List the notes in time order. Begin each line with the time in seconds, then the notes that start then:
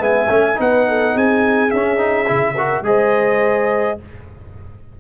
0.00 G#3 B3 E5 G#5
0.29 A3 C#4
0.56 B3 D#4 B4 F#5
0.89 A4
1.14 C4 G#4 G#5
1.71 C#4 E5
1.98 D#4
2.27 C#3 E4
2.56 F#4 A#4
2.82 G#3 G#4 C5 D#5